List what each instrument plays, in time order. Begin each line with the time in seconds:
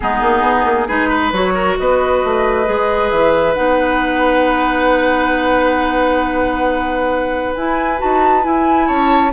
0.00 bassoon G#3, clarinet B3, oboe D#4, flute G#4
0.21 bassoon A#3
0.41 bassoon B3
0.64 bassoon A#3
0.87 bassoon G#3, clarinet D#4, oboe G#4, flute B4
1.09 oboe B4
1.32 bassoon F#3, clarinet F#4, flute C#5
1.54 oboe A#4
1.78 bassoon B3, oboe B4, flute D#5
2.24 bassoon A3
2.65 bassoon G#3, clarinet G#4
3.10 bassoon E3, flute E5
3.54 bassoon B3, clarinet D#4, flute F#5
7.55 bassoon E4, clarinet E4, flute G#5
7.98 bassoon D#4, clarinet F#4, flute A5
8.41 clarinet E4, bassoon E4, flute G#5
8.86 bassoon C#4, oboe C#5, flute A5